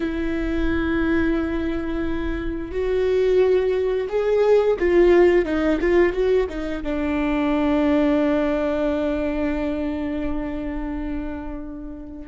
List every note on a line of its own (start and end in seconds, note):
0.00 2.71 E4
2.71 4.08 F#4
4.08 4.76 G#4
4.79 5.45 F4
5.45 5.79 D#4
5.80 6.12 F4
6.12 6.46 F#4
6.49 6.83 D#4
6.83 12.28 D4